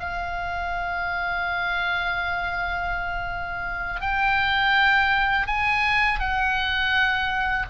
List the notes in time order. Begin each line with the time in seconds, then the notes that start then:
0.00 F5
4.00 G5
5.47 G#5
6.19 F#5